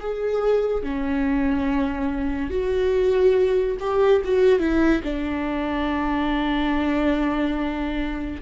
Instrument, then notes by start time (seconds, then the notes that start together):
viola
0.00 G#4
0.83 C#4
2.50 F#4
3.80 G4
4.25 F#4
4.59 E4
5.03 D4